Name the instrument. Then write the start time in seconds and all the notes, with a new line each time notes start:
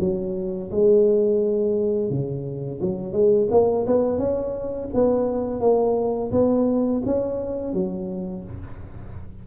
tuba
0.00 F#3
0.71 G#3
2.10 C#3
2.81 F#3
3.13 G#3
3.51 A#3
3.86 B3
4.18 C#4
4.94 B3
5.60 A#3
6.31 B3
7.05 C#4
7.73 F#3